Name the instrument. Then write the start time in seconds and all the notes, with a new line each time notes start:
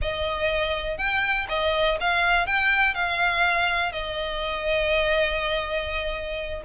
violin
0.01 D#5
0.97 G5
1.48 D#5
2.00 F5
2.46 G5
2.94 F5
3.91 D#5